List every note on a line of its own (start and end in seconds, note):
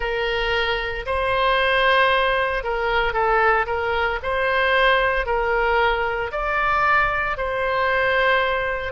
0.00 1.05 A#4
1.06 2.63 C5
2.63 3.13 A#4
3.13 3.66 A4
3.66 4.19 A#4
4.22 5.26 C5
5.26 6.31 A#4
6.32 7.37 D5
7.37 8.92 C5